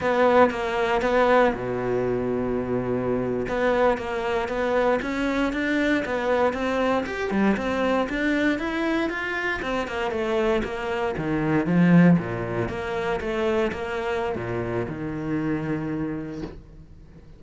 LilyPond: \new Staff \with { instrumentName = "cello" } { \time 4/4 \tempo 4 = 117 b4 ais4 b4 b,4~ | b,2~ b,8. b4 ais16~ | ais8. b4 cis'4 d'4 b16~ | b8. c'4 g'8 g8 c'4 d'16~ |
d'8. e'4 f'4 c'8 ais8 a16~ | a8. ais4 dis4 f4 ais,16~ | ais,8. ais4 a4 ais4~ ais16 | ais,4 dis2. | }